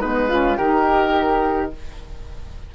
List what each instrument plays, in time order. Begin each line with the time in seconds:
0.00 bassoon G#3, saxophone B3, flute D#4, oboe B4
0.29 saxophone C#4, flute F4
0.57 bassoon D#3, saxophone D#4, flute G4, oboe A#4